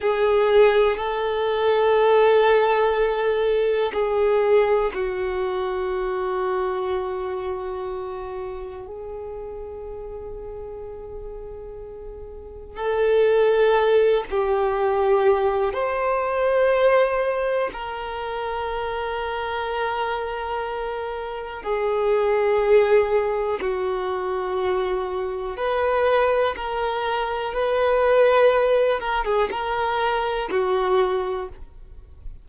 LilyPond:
\new Staff \with { instrumentName = "violin" } { \time 4/4 \tempo 4 = 61 gis'4 a'2. | gis'4 fis'2.~ | fis'4 gis'2.~ | gis'4 a'4. g'4. |
c''2 ais'2~ | ais'2 gis'2 | fis'2 b'4 ais'4 | b'4. ais'16 gis'16 ais'4 fis'4 | }